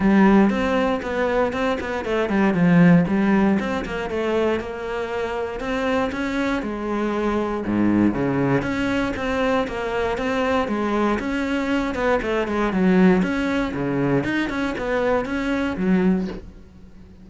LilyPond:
\new Staff \with { instrumentName = "cello" } { \time 4/4 \tempo 4 = 118 g4 c'4 b4 c'8 b8 | a8 g8 f4 g4 c'8 ais8 | a4 ais2 c'4 | cis'4 gis2 gis,4 |
cis4 cis'4 c'4 ais4 | c'4 gis4 cis'4. b8 | a8 gis8 fis4 cis'4 cis4 | dis'8 cis'8 b4 cis'4 fis4 | }